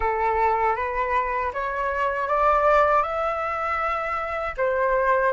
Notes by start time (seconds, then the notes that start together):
0.00 A4
0.76 B4
1.53 C#5
2.28 D5
3.02 E5
4.57 C5